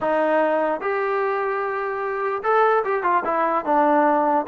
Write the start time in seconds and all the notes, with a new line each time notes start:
0.00 D#4
0.80 G4
2.43 A4
2.84 G4
3.03 F4
3.24 E4
3.65 D4